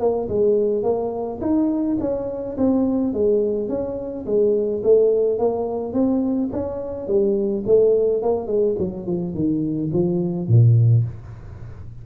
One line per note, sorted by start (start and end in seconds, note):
0.00 0.28 A#3
0.29 0.83 G#3
0.83 1.40 A#3
1.41 1.98 D#4
2.00 2.57 C#4
2.57 3.13 C4
3.13 3.69 G#3
3.69 4.26 C#4
4.26 4.82 G#3
4.83 5.39 A3
5.39 5.93 A#3
5.93 6.50 C4
6.52 7.07 C#4
7.07 7.64 G3
7.66 8.22 A3
8.22 8.47 A#3
8.47 8.76 G#3
8.79 9.06 F#3
9.06 9.34 F3
9.34 9.91 D#3
9.93 10.48 F3
10.48 11.05 A#2